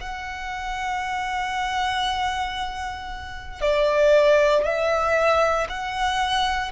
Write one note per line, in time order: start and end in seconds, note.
0.00 3.61 F#5
3.61 4.64 D5
4.64 5.67 E5
5.68 6.71 F#5